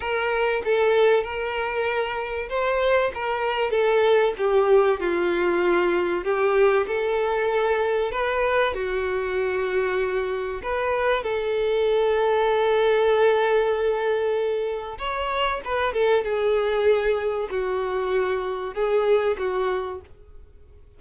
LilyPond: \new Staff \with { instrumentName = "violin" } { \time 4/4 \tempo 4 = 96 ais'4 a'4 ais'2 | c''4 ais'4 a'4 g'4 | f'2 g'4 a'4~ | a'4 b'4 fis'2~ |
fis'4 b'4 a'2~ | a'1 | cis''4 b'8 a'8 gis'2 | fis'2 gis'4 fis'4 | }